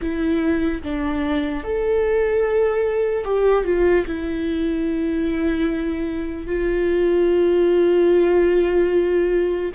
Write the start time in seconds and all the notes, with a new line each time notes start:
0.01 E4
0.83 D4
1.63 A4
3.24 G4
3.64 F4
4.06 E4
6.46 F4